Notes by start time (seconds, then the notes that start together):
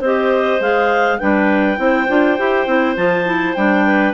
0.00 C4 G4 C5 D#5
0.60 G#3 G#4 F5
1.19 G3 D4 B4 G5
1.77 C4 E4 C5
2.09 D4 F4
2.38 E4 G4
2.67 C4 E4
2.97 F3 F4 A5
3.26 E4
3.55 G3 D4 G5
3.86 B4